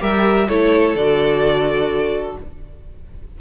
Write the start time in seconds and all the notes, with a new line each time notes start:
0.00 G3 G4 A#4 E5
0.49 A3 E4 A4 C#5
0.95 D3 F#4 D5